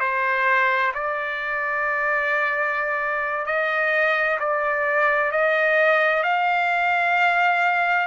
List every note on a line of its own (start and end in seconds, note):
0.00 0.92 C5
0.94 3.46 D5
3.46 4.38 D#5
4.40 5.32 D5
5.32 6.23 D#5
6.23 8.07 F5